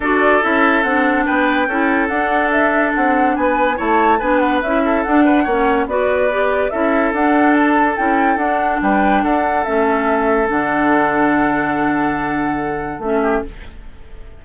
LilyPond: <<
  \new Staff \with { instrumentName = "flute" } { \time 4/4 \tempo 4 = 143 d''4 e''4 fis''4 g''4~ | g''4 fis''4 e''4 fis''4 | gis''4 a''4 gis''8 fis''8 e''4 | fis''2 d''2 |
e''4 fis''4 a''4 g''4 | fis''4 g''4 fis''4 e''4~ | e''4 fis''2.~ | fis''2. e''4 | }
  \new Staff \with { instrumentName = "oboe" } { \time 4/4 a'2. b'4 | a'1 | b'4 cis''4 b'4. a'8~ | a'8 b'8 cis''4 b'2 |
a'1~ | a'4 b'4 a'2~ | a'1~ | a'2.~ a'8 g'8 | }
  \new Staff \with { instrumentName = "clarinet" } { \time 4/4 fis'4 e'4 d'2 | e'4 d'2.~ | d'4 e'4 d'4 e'4 | d'4 cis'4 fis'4 g'4 |
e'4 d'2 e'4 | d'2. cis'4~ | cis'4 d'2.~ | d'2. cis'4 | }
  \new Staff \with { instrumentName = "bassoon" } { \time 4/4 d'4 cis'4 c'4 b4 | cis'4 d'2 c'4 | b4 a4 b4 cis'4 | d'4 ais4 b2 |
cis'4 d'2 cis'4 | d'4 g4 d'4 a4~ | a4 d2.~ | d2. a4 | }
>>